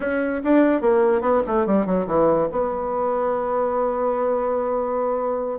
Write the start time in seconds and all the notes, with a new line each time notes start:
0.00 C#4
0.43 D4
0.81 A#3
1.21 B3
1.46 A3
1.66 G3
1.85 F#3
2.07 E3
2.51 B3